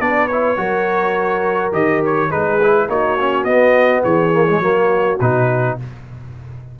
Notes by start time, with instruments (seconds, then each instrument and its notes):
0.00 tuba B3, trombone D4, horn B4, trumpet D5
0.27 trombone E4, trumpet C#5
0.56 tuba F#3, trombone F#4, horn A#4
1.71 tuba D#3, trombone G4, trumpet D#5
2.05 trumpet C#5
2.29 tuba G#3, trombone D#4, horn G#4, trumpet B4
2.62 trombone E4
2.88 tuba A#3, trombone D#4, horn F#4, trumpet C#5
3.19 trombone C#4
3.44 tuba B3, trombone B3, trumpet D#5
4.03 tuba E3, horn G#4, trumpet C#5
4.32 trombone A#3
4.48 trombone G#3
4.59 tuba F#3, trombone A#3, horn F#4
5.20 tuba B2, trombone D#4, trumpet B4